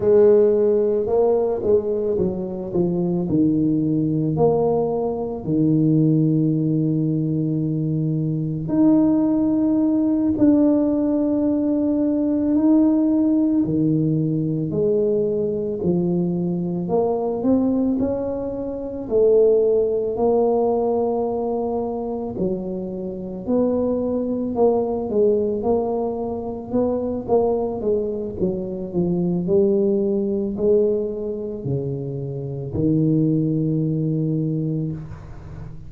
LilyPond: \new Staff \with { instrumentName = "tuba" } { \time 4/4 \tempo 4 = 55 gis4 ais8 gis8 fis8 f8 dis4 | ais4 dis2. | dis'4. d'2 dis'8~ | dis'8 dis4 gis4 f4 ais8 |
c'8 cis'4 a4 ais4.~ | ais8 fis4 b4 ais8 gis8 ais8~ | ais8 b8 ais8 gis8 fis8 f8 g4 | gis4 cis4 dis2 | }